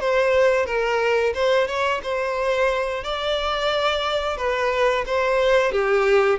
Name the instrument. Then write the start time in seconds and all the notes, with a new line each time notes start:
violin
0.00 C5
0.66 A#4
1.35 C5
1.68 C#5
2.03 C5
3.04 D5
4.37 B4
5.07 C5
5.72 G4